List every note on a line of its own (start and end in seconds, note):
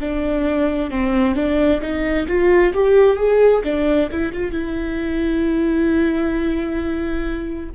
0.00 0.90 D4
0.90 1.35 C4
1.35 1.81 D4
1.81 2.26 D#4
2.28 2.73 F4
2.73 3.16 G4
3.16 3.62 G#4
3.64 4.09 D4
4.12 4.32 E4
4.32 4.51 F4
4.51 7.69 E4